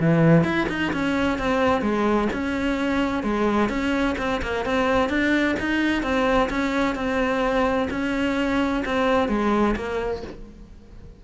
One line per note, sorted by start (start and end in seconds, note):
0.00 0.45 E3
0.45 0.68 E4
0.70 0.93 D#4
0.93 1.39 C#4
1.39 1.82 C4
1.82 2.29 G#3
2.33 3.24 C#4
3.24 3.70 G#3
3.70 4.16 C#4
4.19 4.42 C4
4.42 4.66 A#3
4.66 5.10 C4
5.10 5.56 D4
5.60 6.03 D#4
6.03 6.50 C4
6.50 6.96 C#4
6.96 7.89 C4
7.91 8.84 C#4
8.86 9.29 C4
9.29 9.75 G#3
9.77 10.23 A#3